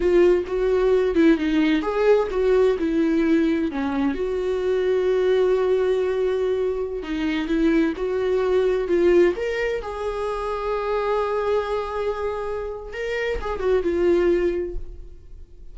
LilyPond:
\new Staff \with { instrumentName = "viola" } { \time 4/4 \tempo 4 = 130 f'4 fis'4. e'8 dis'4 | gis'4 fis'4 e'2 | cis'4 fis'2.~ | fis'2.~ fis'16 dis'8.~ |
dis'16 e'4 fis'2 f'8.~ | f'16 ais'4 gis'2~ gis'8.~ | gis'1 | ais'4 gis'8 fis'8 f'2 | }